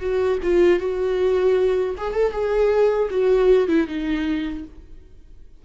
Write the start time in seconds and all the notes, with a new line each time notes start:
0.00 F#4
0.43 F4
0.79 F#4
1.98 G#4
2.14 A4
2.32 G#4
3.10 F#4
3.68 E4
3.87 D#4